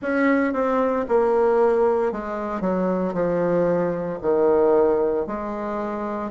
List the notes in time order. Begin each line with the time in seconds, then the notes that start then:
0.01 C#4
0.53 C4
1.08 A#3
2.11 G#3
2.60 F#3
3.13 F3
4.21 D#3
5.26 G#3